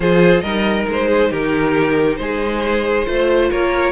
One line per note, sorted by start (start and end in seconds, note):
0.00 0.42 F3
0.00 0.44 F4
0.00 0.42 G#4
0.00 0.41 C5
0.41 0.86 G3
0.41 3.06 D#4
0.41 1.07 A#4
0.41 0.84 D#5
0.87 1.31 G#3
0.87 1.31 C5
1.07 1.29 G#4
1.30 2.19 D#3
1.30 2.17 G4
1.30 2.16 A#4
2.16 3.07 G#3
2.16 3.07 G#4
2.16 3.47 C5
3.06 3.51 A3
3.06 3.92 F4
3.06 3.50 C5
3.50 3.92 A#3
3.50 3.92 A#4
3.50 3.92 C#5